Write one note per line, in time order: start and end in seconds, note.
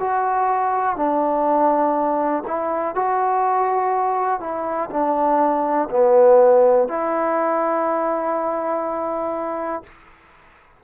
0.00 0.96 F#4
0.96 2.44 D4
2.47 2.95 E4
2.95 4.40 F#4
4.40 4.90 E4
4.90 5.89 D4
5.91 6.89 B3
6.89 9.84 E4